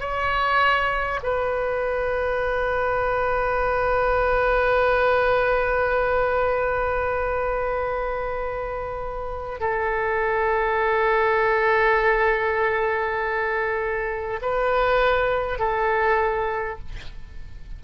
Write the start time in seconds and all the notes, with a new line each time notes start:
0.00 C#5
1.22 B4
9.59 A4
14.41 B4
15.58 A4